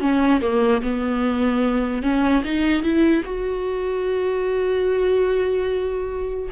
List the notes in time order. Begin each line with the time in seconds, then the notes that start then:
0.00 C#4
0.41 A#3
0.82 B3
2.02 C#4
2.44 D#4
2.83 E4
3.25 F#4